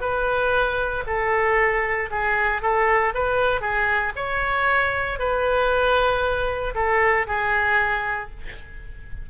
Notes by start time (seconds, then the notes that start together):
0.00 B4
1.06 A4
2.10 G#4
2.61 A4
3.14 B4
3.61 G#4
4.16 C#5
5.19 B4
6.74 A4
7.26 G#4